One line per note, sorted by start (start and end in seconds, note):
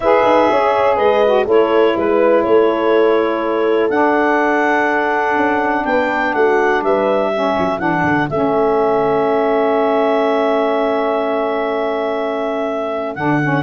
0.00 0.23 E4
0.00 1.25 G#4
0.00 0.50 B4
0.00 0.96 E5
0.24 0.49 D#4
0.50 0.98 C#4
0.50 0.96 C#5
0.96 1.46 G#3
0.96 1.45 B4
0.96 1.45 D#5
1.25 1.45 F#4
1.45 1.95 A3
1.45 3.89 E4
1.45 1.94 A4
1.45 1.97 C#5
1.95 2.45 G#3
1.95 2.44 B4
1.95 2.43 B4
2.43 3.89 A3
2.43 5.86 A4
2.43 3.89 C#5
3.89 5.36 D4
3.89 7.32 D4
3.89 5.84 F#5
5.36 5.84 C#4
5.84 6.34 B3
5.84 6.34 B4
5.84 6.33 G5
6.33 6.82 A3
6.33 6.84 F#4
6.33 6.82 F#5
6.82 7.55 G3
6.82 7.32 B4
6.82 7.79 E5
7.32 7.79 C#4
7.32 13.62 A4
7.58 7.78 F#3
7.78 8.03 E3
7.78 8.27 D4
7.78 8.28 F#5
8.03 8.27 D3
8.29 13.16 A3
8.29 13.16 C#4
8.29 13.14 E5
13.14 13.62 D3
13.14 13.40 D4
13.14 13.62 F#5
13.42 13.62 C#4